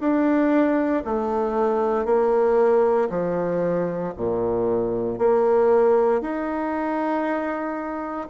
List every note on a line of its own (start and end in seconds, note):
0.00 1.03 D4
1.05 2.05 A3
2.05 3.08 A#3
3.09 4.13 F3
4.17 5.18 A#2
5.18 6.21 A#3
6.21 8.28 D#4